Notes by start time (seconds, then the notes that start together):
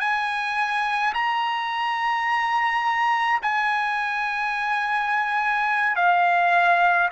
0.00 G#5
1.14 A#5
3.42 G#5
5.96 F5